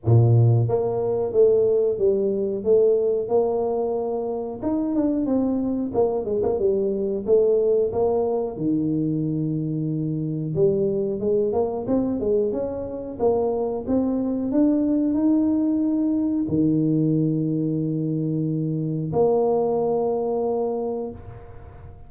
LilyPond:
\new Staff \with { instrumentName = "tuba" } { \time 4/4 \tempo 4 = 91 ais,4 ais4 a4 g4 | a4 ais2 dis'8 d'8 | c'4 ais8 gis16 ais16 g4 a4 | ais4 dis2. |
g4 gis8 ais8 c'8 gis8 cis'4 | ais4 c'4 d'4 dis'4~ | dis'4 dis2.~ | dis4 ais2. | }